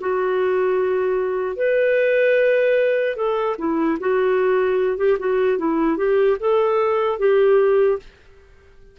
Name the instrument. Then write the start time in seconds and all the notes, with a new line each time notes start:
clarinet
0.00 F#4
1.56 B4
3.16 A4
3.58 E4
3.99 F#4
4.97 G4
5.19 F#4
5.58 E4
5.97 G4
6.39 A4
7.19 G4